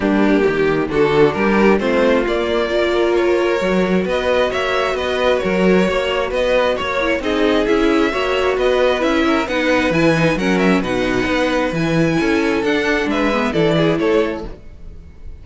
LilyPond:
<<
  \new Staff \with { instrumentName = "violin" } { \time 4/4 \tempo 4 = 133 g'2 a'4 ais'4 | c''4 d''2 cis''4~ | cis''4 dis''4 e''4 dis''4 | cis''2 dis''4 cis''4 |
dis''4 e''2 dis''4 | e''4 fis''4 gis''4 fis''8 e''8 | fis''2 gis''2 | fis''4 e''4 d''4 cis''4 | }
  \new Staff \with { instrumentName = "violin" } { \time 4/4 d'4 g'4 fis'4 g'4 | f'2 ais'2~ | ais'4 b'4 cis''4 b'4 | ais'4 cis''4 b'4 cis''4 |
gis'2 cis''4 b'4~ | b'8 ais'8 b'2 ais'4 | b'2. a'4~ | a'4 b'4 a'8 gis'8 a'4 | }
  \new Staff \with { instrumentName = "viola" } { \time 4/4 ais2 d'2 | c'4 ais4 f'2 | fis'1~ | fis'2.~ fis'8 e'8 |
dis'4 e'4 fis'2 | e'4 dis'4 e'8 dis'8 cis'4 | dis'2 e'2 | d'4. b8 e'2 | }
  \new Staff \with { instrumentName = "cello" } { \time 4/4 g4 dis4 d4 g4 | a4 ais2. | fis4 b4 ais4 b4 | fis4 ais4 b4 ais4 |
c'4 cis'4 ais4 b4 | cis'4 b4 e4 fis4 | b,4 b4 e4 cis'4 | d'4 gis4 e4 a4 | }
>>